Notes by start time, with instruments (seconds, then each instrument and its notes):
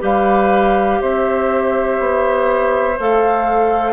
0.00 bassoon G3, clarinet G4, oboe B4, flute F5
1.01 bassoon C4, oboe C5, flute E5
1.99 bassoon B3
3.00 bassoon A3, clarinet A4, flute F5